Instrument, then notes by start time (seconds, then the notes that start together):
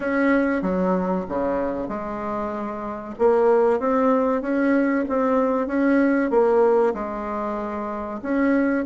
bassoon
0.00 C#4
0.61 F#3
1.28 C#3
1.88 G#3
3.18 A#3
3.79 C4
4.41 C#4
5.08 C4
5.67 C#4
6.30 A#3
6.94 G#3
8.22 C#4